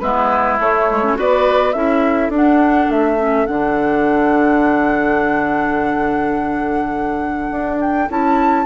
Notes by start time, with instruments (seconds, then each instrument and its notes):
0.00 bassoon G#3, clarinet B3, oboe E4, flute B4
0.60 bassoon A3, clarinet A3, flute C#5
0.90 clarinet G#3
1.04 clarinet C#4
1.16 bassoon B3, clarinet F#4, oboe B4, flute D5
1.73 bassoon C#4, clarinet E4, oboe A4, flute E5
2.29 bassoon D4, clarinet D4
2.36 flute F#5
2.90 bassoon A3, flute E5
3.19 clarinet C#4
3.46 bassoon D3, clarinet D4, flute F#5
7.51 bassoon D4
7.81 flute G5
8.09 bassoon C#4, clarinet E4, flute A5